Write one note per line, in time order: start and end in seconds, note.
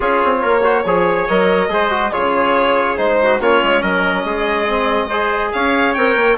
0.00 0.22 C#4
0.00 0.60 F4
0.00 0.39 G#4
0.00 1.28 C#5
0.24 0.44 C4
0.41 0.84 A#3
0.41 0.63 A#4
0.63 0.84 F#4
0.63 0.84 C5
0.84 1.27 F3
0.84 1.29 G#4
0.84 1.71 C#5
1.28 1.68 F#3
1.28 1.69 A#4
1.28 2.12 D#5
1.68 2.11 G#3
1.68 1.90 G#4
1.68 2.12 C5
1.90 2.11 F#4
2.12 2.98 C#3
2.12 2.97 F4
2.12 3.19 G#4
2.12 2.97 C#5
2.97 3.39 G#3
2.97 3.39 D#4
2.97 3.39 C5
3.22 3.41 F#4
3.39 3.61 A#3
3.39 4.67 C#4
3.39 3.82 F4
3.39 3.82 C#5
3.63 3.82 G#3
3.82 4.24 F#3
3.82 4.24 A#4
3.82 5.52 D#5
4.24 5.52 G#3
4.24 5.08 G#4
4.67 5.10 C4
5.08 5.96 G#4
5.08 5.51 C5
5.52 5.96 C#4
5.52 6.37 C#5
5.52 5.94 F5
5.94 6.15 C4
5.94 6.37 A#4
5.94 6.36 G5
6.15 6.36 A#3